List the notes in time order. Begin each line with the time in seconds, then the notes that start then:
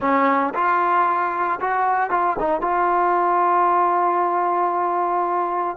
0.00 C#4
0.54 F4
1.60 F#4
2.10 F4
2.39 D#4
2.61 F4